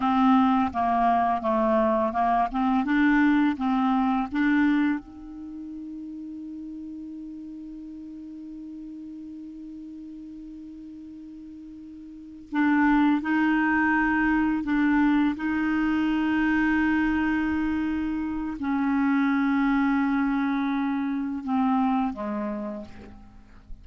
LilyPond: \new Staff \with { instrumentName = "clarinet" } { \time 4/4 \tempo 4 = 84 c'4 ais4 a4 ais8 c'8 | d'4 c'4 d'4 dis'4~ | dis'1~ | dis'1~ |
dis'4. d'4 dis'4.~ | dis'8 d'4 dis'2~ dis'8~ | dis'2 cis'2~ | cis'2 c'4 gis4 | }